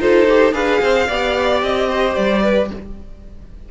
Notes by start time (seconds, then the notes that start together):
0.00 D#4 F4 A4 C5
0.29 G4
0.53 D4 G#4 B4 F5
0.82 C4 C5
1.08 B3 G4 D5
1.63 C4 D#5
1.89 C5
2.16 G3 D5
2.43 B4